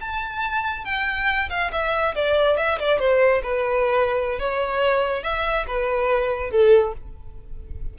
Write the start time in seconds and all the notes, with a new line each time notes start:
0.00 A5
0.85 G5
1.49 F5
1.72 E5
2.15 D5
2.57 E5
2.79 D5
2.99 C5
3.42 B4
4.39 C#5
5.23 E5
5.67 B4
6.51 A4